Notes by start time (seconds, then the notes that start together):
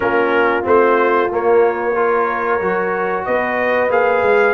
0.00 A#3 C#4 F4 A#4
0.62 A3 C4 C5
1.31 A#3 C#5
1.95 F4 A#4
2.60 F#3 F#4
3.25 B3 B4 D#5
3.89 A#3 G#4 F5
4.22 G#3